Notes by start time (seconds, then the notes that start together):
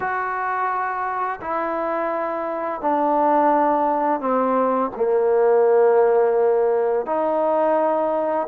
0.00 F#4
1.41 E4
2.81 D4
4.20 C4
4.96 A#3
7.06 D#4